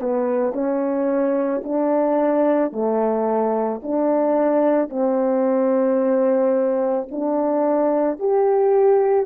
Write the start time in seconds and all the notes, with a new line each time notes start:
0.00 B3
0.53 C#4
1.64 D4
2.72 A3
3.83 D4
4.90 C4
7.11 D4
8.19 G4